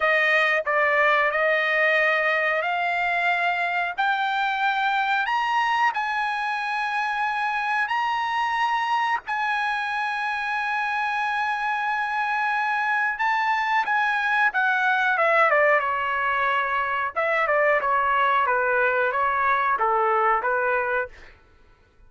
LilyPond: \new Staff \with { instrumentName = "trumpet" } { \time 4/4 \tempo 4 = 91 dis''4 d''4 dis''2 | f''2 g''2 | ais''4 gis''2. | ais''2 gis''2~ |
gis''1 | a''4 gis''4 fis''4 e''8 d''8 | cis''2 e''8 d''8 cis''4 | b'4 cis''4 a'4 b'4 | }